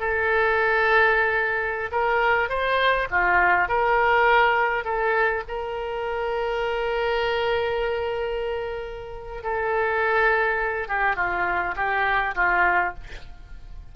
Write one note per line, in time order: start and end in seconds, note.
0.00 1.91 A4
1.92 2.49 A#4
2.49 3.08 C5
3.11 3.68 F4
3.68 4.85 A#4
4.85 5.44 A4
5.48 9.44 A#4
9.44 10.88 A4
10.88 11.16 G4
11.16 11.75 F4
11.76 12.35 G4
12.36 12.94 F4